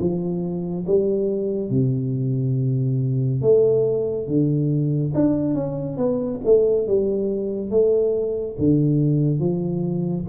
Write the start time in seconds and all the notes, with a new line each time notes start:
0.00 F3
0.87 G3
1.70 C3
3.42 A3
4.27 D3
5.15 D4
5.55 C#4
5.97 B3
6.45 A3
6.87 G3
7.71 A3
8.59 D3
9.40 F3